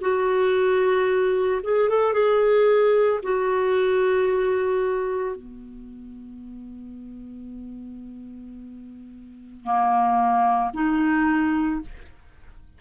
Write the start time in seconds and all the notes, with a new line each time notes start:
0.00 F#4
1.63 G#4
1.89 A4
2.13 G#4
3.22 F#4
5.36 B3
9.63 A#3
10.73 D#4